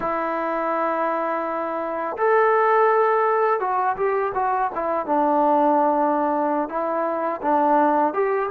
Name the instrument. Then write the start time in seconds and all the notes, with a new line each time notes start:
trombone
0.00 E4
2.17 A4
3.59 F#4
3.96 G4
4.34 F#4
4.74 E4
5.06 D4
6.68 E4
7.42 D4
8.13 G4